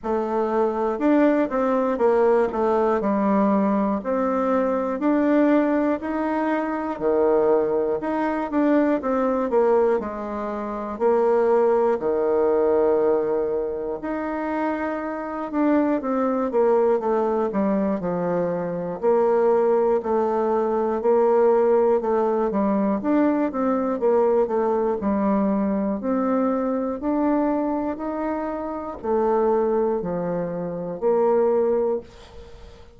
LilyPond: \new Staff \with { instrumentName = "bassoon" } { \time 4/4 \tempo 4 = 60 a4 d'8 c'8 ais8 a8 g4 | c'4 d'4 dis'4 dis4 | dis'8 d'8 c'8 ais8 gis4 ais4 | dis2 dis'4. d'8 |
c'8 ais8 a8 g8 f4 ais4 | a4 ais4 a8 g8 d'8 c'8 | ais8 a8 g4 c'4 d'4 | dis'4 a4 f4 ais4 | }